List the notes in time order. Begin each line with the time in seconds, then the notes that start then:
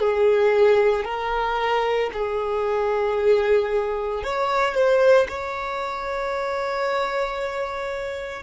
0.00 G#4
1.05 A#4
2.13 G#4
4.23 C#5
4.75 C5
5.29 C#5